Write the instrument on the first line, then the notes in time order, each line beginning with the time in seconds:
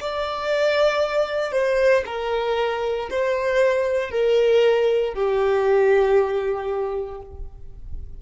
violin
0.00 D5
1.51 C5
2.05 A#4
3.10 C5
4.10 A#4
5.13 G4